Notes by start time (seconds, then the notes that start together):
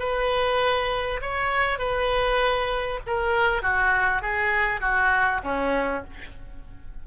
0.00 B4
1.22 C#5
1.79 B4
3.07 A#4
3.63 F#4
4.22 G#4
4.81 F#4
5.44 C#4